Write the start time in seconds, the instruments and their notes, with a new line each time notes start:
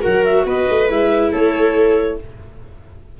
0.00 tuba F#3, viola F#4 A#4, clarinet F#5
0.24 clarinet E5
0.45 tuba B3, viola B4, clarinet D#5
0.69 tuba A3
0.90 tuba G#3, viola E4, clarinet E5
1.32 tuba A3, viola A4, clarinet C#5